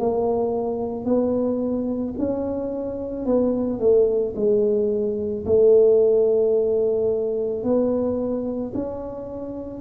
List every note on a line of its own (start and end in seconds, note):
0.00 1.06 A#3
1.06 2.15 B3
2.19 3.26 C#4
3.26 3.80 B3
3.80 4.34 A3
4.36 5.45 G#3
5.46 7.64 A3
7.64 8.73 B3
8.75 9.81 C#4